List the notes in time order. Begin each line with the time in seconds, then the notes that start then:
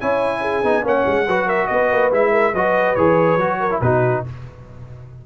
0.00 C#4 E4 C#5 G#5
0.41 G#4
0.63 B3 D#4
0.83 A#3 C#4 C#5 F#5
1.06 G#3
1.27 F#3 F#4 B4
1.46 A#4 E5
1.67 B3 B4 D#5
1.91 A#3
2.12 G#3 E4 E5
2.31 A#4
2.53 F#3 F#4 B4 D#5
2.95 E3 G#4 C#5
3.36 F#3 F#4
3.59 A#4
3.70 E4
3.81 B2 D#4 F#4 B4